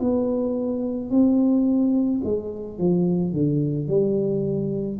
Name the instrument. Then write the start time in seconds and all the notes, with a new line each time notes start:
tuba
0.00 B3
1.10 C4
2.24 G#3
2.78 F3
3.32 D3
3.87 G3